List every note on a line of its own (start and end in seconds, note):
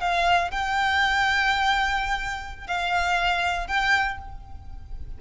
0.00 0.51 F5
0.51 2.67 G5
2.67 3.67 F5
3.67 4.18 G5